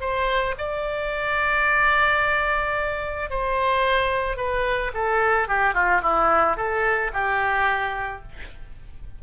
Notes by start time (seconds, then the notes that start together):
0.00 C5
0.58 D5
3.30 C5
4.36 B4
4.94 A4
5.48 G4
5.74 F4
6.02 E4
6.56 A4
7.13 G4